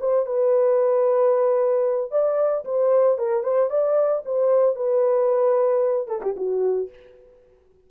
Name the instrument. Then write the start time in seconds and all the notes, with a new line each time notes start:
horn
0.00 C5
0.26 B4
2.11 D5
2.65 C5
3.18 A#4
3.43 C5
3.70 D5
4.25 C5
4.75 B4
6.07 A4
6.22 G4
6.36 F#4